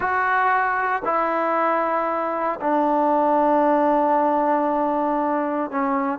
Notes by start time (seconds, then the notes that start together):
0.00 F#4
1.04 E4
2.61 D4
5.70 C#4